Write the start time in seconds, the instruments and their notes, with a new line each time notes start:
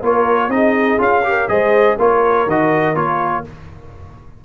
0.00 tuba A#3, trombone F4, horn A#4, trumpet C#5
0.48 tuba C4, trombone D#4, horn G#4, trumpet D#5
0.98 tuba C#4, trombone F4, trumpet F5
1.24 trombone G4, horn A#4
1.48 tuba G#3, trombone G#4, horn C5, trumpet D#5
1.98 tuba A#3, trombone F4, horn A#4, trumpet C#5
2.46 tuba D#3, trombone F#4, trumpet D#5
2.95 tuba A#3, trombone F4, trumpet C#5